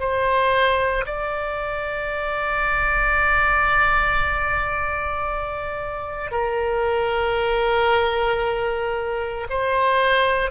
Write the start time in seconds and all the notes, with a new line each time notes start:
0.00 C5
1.06 D5
6.32 A#4
9.50 C5